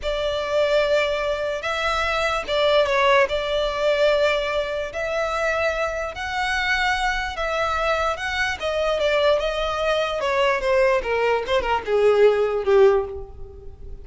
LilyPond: \new Staff \with { instrumentName = "violin" } { \time 4/4 \tempo 4 = 147 d''1 | e''2 d''4 cis''4 | d''1 | e''2. fis''4~ |
fis''2 e''2 | fis''4 dis''4 d''4 dis''4~ | dis''4 cis''4 c''4 ais'4 | c''8 ais'8 gis'2 g'4 | }